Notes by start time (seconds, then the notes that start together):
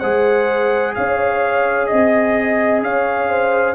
0.00 G#3 G#4 C5 F#5
0.95 C#4 C#5 F5
1.87 C4 D#5
2.83 C#4 C#5 F5
3.29 C5